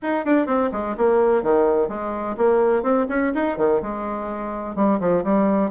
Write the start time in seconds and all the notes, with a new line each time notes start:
0.02 D#4
0.25 D4
0.46 C4
0.72 G#3
0.97 A#3
1.43 D#3
1.88 G#3
2.37 A#3
2.82 C4
3.08 C#4
3.34 D#4
3.57 D#3
3.81 G#3
4.75 G3
5.00 F3
5.24 G3